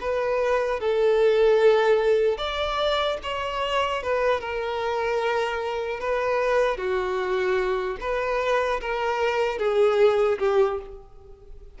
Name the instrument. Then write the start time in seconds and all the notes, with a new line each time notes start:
violin
0.00 B4
0.80 A4
2.37 D5
3.22 C#5
4.03 B4
4.40 A#4
6.00 B4
6.77 F#4
8.00 B4
8.80 A#4
9.58 G#4
10.39 G4